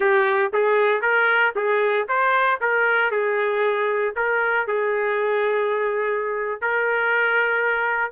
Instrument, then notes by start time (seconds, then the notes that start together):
trumpet
0.00 G4
0.53 G#4
1.01 A#4
1.55 G#4
2.08 C5
2.60 A#4
3.11 G#4
4.16 A#4
4.67 G#4
6.61 A#4